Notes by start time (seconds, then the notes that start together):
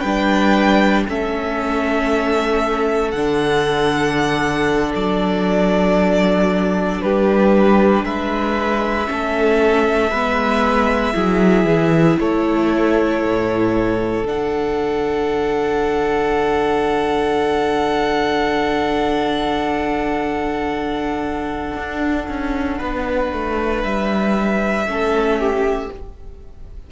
0.00 G3 B4 G5
0.06 D4
1.08 A3 C#4 A4 E5
3.11 D3 D4 F#5
4.95 F#3 D5
7.02 G3 G4 B4
8.04 G#3 B4 E5
9.06 A3 C#4 A4
10.11 G#3 B3 B4
11.14 F#3 E4 G#4
11.65 E3
12.20 A3 A4 C#5
13.24 A2
14.23 D3 D4 F#5
21.76 D4
22.28 C#4
22.78 B3 B4
23.32 A3
23.83 G3 E5
24.86 A3 C#4 A4
25.40 G4